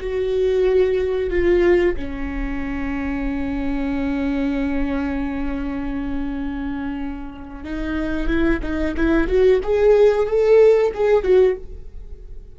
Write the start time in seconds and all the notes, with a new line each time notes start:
0.00 F#4
1.31 F4
1.97 C#4
7.64 D#4
8.27 E4
8.63 D#4
8.97 E4
9.28 F#4
9.63 G#4
10.27 A4
10.94 G#4
11.24 F#4